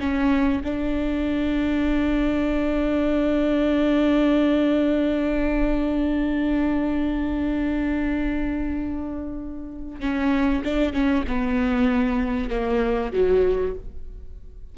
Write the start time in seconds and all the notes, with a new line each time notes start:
0.00 C#4
0.64 D4
10.01 C#4
10.64 D4
10.93 C#4
11.28 B3
12.50 A#3
13.13 F#3